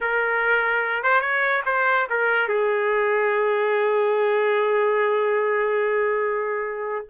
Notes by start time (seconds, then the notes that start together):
0.01 A#4
1.03 C5
1.20 C#5
1.65 C5
2.09 A#4
2.48 G#4